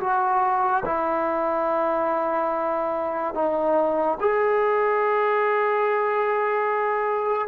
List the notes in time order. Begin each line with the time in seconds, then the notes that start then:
0.00 F#4
0.85 E4
3.34 D#4
4.20 G#4